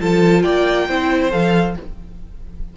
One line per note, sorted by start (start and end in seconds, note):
0.00 0.45 F3
0.00 0.89 F4
0.00 0.43 A4
0.00 0.42 A5
0.42 0.89 A#3
0.42 0.88 D5
0.42 1.31 G5
0.88 1.33 C4
0.88 1.31 E4
0.88 1.76 C5
1.31 1.77 F3
1.31 1.75 A4
1.31 1.76 F5